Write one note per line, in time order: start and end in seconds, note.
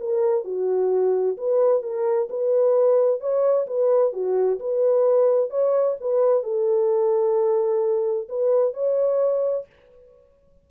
0.00 0.44 A#4
0.44 1.37 F#4
1.37 1.83 B4
1.83 2.29 A#4
2.30 3.20 B4
3.20 3.67 C#5
3.67 4.13 B4
4.13 4.59 F#4
4.60 5.50 B4
5.50 5.96 C#5
6.00 6.43 B4
6.43 8.28 A4
8.29 8.74 B4
8.74 9.66 C#5